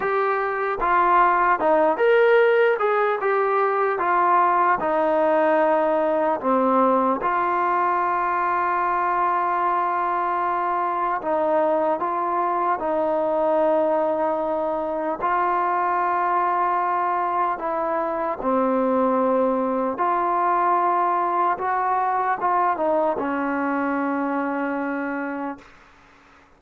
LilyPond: \new Staff \with { instrumentName = "trombone" } { \time 4/4 \tempo 4 = 75 g'4 f'4 dis'8 ais'4 gis'8 | g'4 f'4 dis'2 | c'4 f'2.~ | f'2 dis'4 f'4 |
dis'2. f'4~ | f'2 e'4 c'4~ | c'4 f'2 fis'4 | f'8 dis'8 cis'2. | }